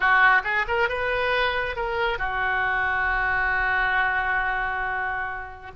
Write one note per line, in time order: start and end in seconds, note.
0.00 0.42 F#4
0.44 0.66 G#4
0.67 0.88 A#4
0.88 1.75 B4
1.75 2.18 A#4
2.18 5.71 F#4